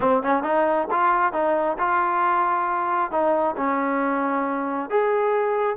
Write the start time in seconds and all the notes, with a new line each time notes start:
0.00 C4
0.22 C#4
0.43 D#4
0.90 F4
1.32 D#4
1.78 F4
3.11 D#4
3.57 C#4
4.90 G#4